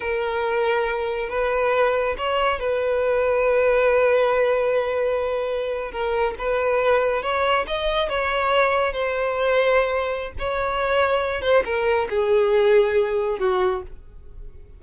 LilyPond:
\new Staff \with { instrumentName = "violin" } { \time 4/4 \tempo 4 = 139 ais'2. b'4~ | b'4 cis''4 b'2~ | b'1~ | b'4.~ b'16 ais'4 b'4~ b'16~ |
b'8. cis''4 dis''4 cis''4~ cis''16~ | cis''8. c''2.~ c''16 | cis''2~ cis''8 c''8 ais'4 | gis'2. fis'4 | }